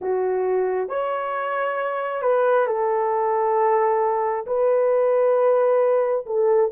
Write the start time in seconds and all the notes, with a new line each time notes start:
0.01 F#4
0.88 C#5
2.21 B4
2.66 A4
4.46 B4
6.26 A4